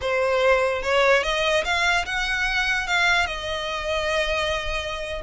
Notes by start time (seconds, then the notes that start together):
0.01 C5
0.82 C#5
1.23 D#5
1.64 F5
2.05 F#5
2.87 F5
3.26 D#5